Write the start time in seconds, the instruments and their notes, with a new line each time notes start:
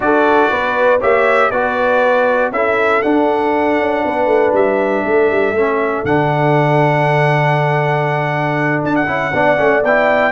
0.00 tuba D4, trombone F#4, horn A4, trumpet D5
0.50 tuba B3, horn B4
0.99 tuba A#3, trombone G4, horn C#5, trumpet E5
1.50 tuba B3, trombone F#4, horn B4, trumpet D5
2.51 tuba C#4, trombone E4, horn A4, trumpet E5
3.02 trombone D4, tuba D4, trumpet F#5
3.78 tuba C#4
4.05 tuba B3, horn B4
4.26 tuba A3
4.52 tuba G3, trumpet E5
5.05 tuba A3, horn A4
5.31 tuba G3
5.52 tuba A3, trombone C#4
6.04 tuba D3, trombone D4, trumpet F#5
8.83 tuba D4, trumpet A5
8.95 trumpet F#5
9.07 tuba C#4, trombone E4
9.33 tuba B3, trombone D4, horn D5
9.56 tuba A3, trombone C#4
9.83 tuba B3, trombone E4, trumpet G5